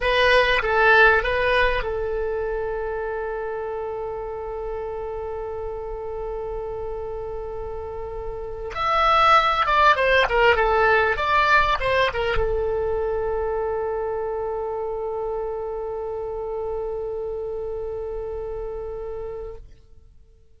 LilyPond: \new Staff \with { instrumentName = "oboe" } { \time 4/4 \tempo 4 = 98 b'4 a'4 b'4 a'4~ | a'1~ | a'1~ | a'2~ a'16 e''4. d''16~ |
d''16 c''8 ais'8 a'4 d''4 c''8 ais'16~ | ais'16 a'2.~ a'8.~ | a'1~ | a'1 | }